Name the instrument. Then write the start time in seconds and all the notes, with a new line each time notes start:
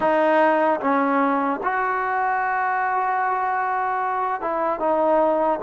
trombone
0.00 D#4
0.80 C#4
1.63 F#4
4.41 E4
4.79 D#4